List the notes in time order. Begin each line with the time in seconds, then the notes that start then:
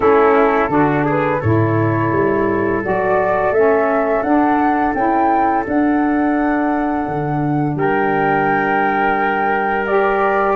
0.00 A3 C#4 E4 A4
0.68 D3 D4 F#4
1.04 G#4 B4
1.39 A2 E4 A4 C#5
2.11 G3
2.83 F#3 F#4 D5
3.50 A3 C#4 E5
4.22 D4 F#5
4.94 C#4 E4 G5
5.64 D4 F#5
7.07 D3
7.75 G3 A#4 G5
9.86 G4 D5